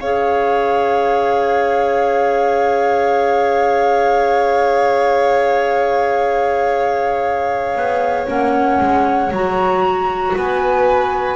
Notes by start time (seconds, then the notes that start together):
0.00 C#4 G#4 C#5 F5
7.76 B3
8.27 A#3 C#4 F#5
8.80 G#3
9.31 F#3 F#4 A#5
10.36 B3 B4 G#5